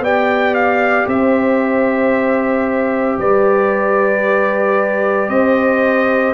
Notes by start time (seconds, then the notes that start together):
0.00 B3 G4 D5 G5
0.55 F5
1.07 C4 C5 E5
3.19 G3 B4 D5
5.29 C4 C5 D#5